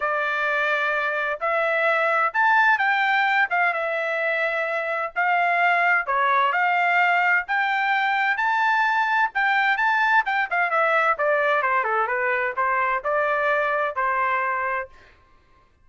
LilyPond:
\new Staff \with { instrumentName = "trumpet" } { \time 4/4 \tempo 4 = 129 d''2. e''4~ | e''4 a''4 g''4. f''8 | e''2. f''4~ | f''4 cis''4 f''2 |
g''2 a''2 | g''4 a''4 g''8 f''8 e''4 | d''4 c''8 a'8 b'4 c''4 | d''2 c''2 | }